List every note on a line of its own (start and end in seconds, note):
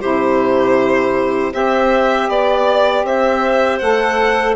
0.00 1.53 C3
0.00 1.52 E4
0.00 1.52 G4
0.00 1.53 C5
1.52 2.28 C4
1.52 3.80 G4
1.52 2.28 C5
1.52 2.29 E5
2.28 3.03 B3
2.28 3.05 D5
3.03 3.79 C4
3.03 4.55 C5
3.03 3.78 E5
3.78 4.55 A3
3.78 4.55 A4
3.78 4.54 F#5